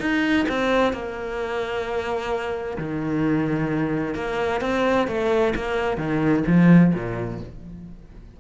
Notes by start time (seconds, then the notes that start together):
0.00 D#4
0.49 C4
0.93 A#3
2.78 D#3
4.15 A#3
4.61 C4
5.07 A3
5.55 A#3
5.97 D#3
6.47 F3
6.94 A#2